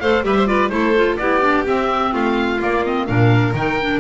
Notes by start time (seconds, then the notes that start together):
0.00 A3 A4 C5 F5
0.22 G3 G4 B4 E5
0.36 C5
0.46 F4 B4 D5
0.69 A3 E4 A4 C5
0.95 F4
1.17 B3 E4 G4 D5
1.41 D4
1.66 C4 E5
2.12 A3 F4 F5
2.59 A#3 D5
2.85 C4 D#5
3.06 A#2 D4 A#4 F5
3.53 D#3 D#4 G5
3.80 D4